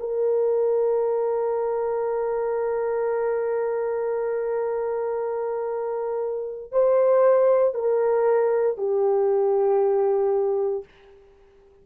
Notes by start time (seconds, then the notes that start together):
0.00 A#4
6.72 C5
7.74 A#4
8.78 G4